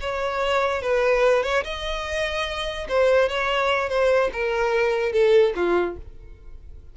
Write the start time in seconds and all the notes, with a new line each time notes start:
0.00 C#5
0.82 B4
1.43 C#5
1.64 D#5
2.88 C5
3.28 C#5
3.89 C5
4.32 A#4
5.12 A4
5.55 F4